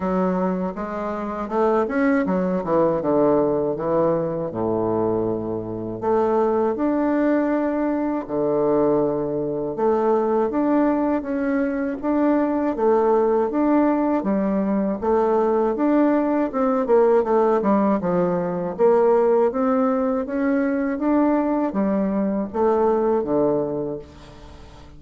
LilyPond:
\new Staff \with { instrumentName = "bassoon" } { \time 4/4 \tempo 4 = 80 fis4 gis4 a8 cis'8 fis8 e8 | d4 e4 a,2 | a4 d'2 d4~ | d4 a4 d'4 cis'4 |
d'4 a4 d'4 g4 | a4 d'4 c'8 ais8 a8 g8 | f4 ais4 c'4 cis'4 | d'4 g4 a4 d4 | }